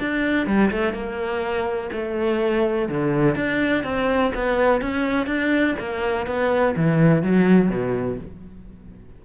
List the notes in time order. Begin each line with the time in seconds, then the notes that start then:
0.00 D4
0.47 G3
0.71 A3
0.94 A#3
1.93 A3
2.89 D3
3.36 D4
3.84 C4
4.34 B3
4.82 C#4
5.27 D4
5.79 A#3
6.27 B3
6.77 E3
7.23 F#3
7.69 B2